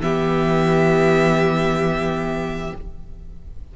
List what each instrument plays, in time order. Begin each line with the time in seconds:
0.00 cello E3, viola B3, violin G4 E5